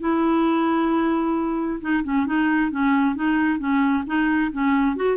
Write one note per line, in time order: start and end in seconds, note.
0.00 1.80 E4
1.81 2.04 D#4
2.04 2.26 C#4
2.26 2.71 D#4
2.71 3.16 C#4
3.16 3.59 D#4
3.59 4.04 C#4
4.07 4.52 D#4
4.52 4.96 C#4
4.96 5.17 F#4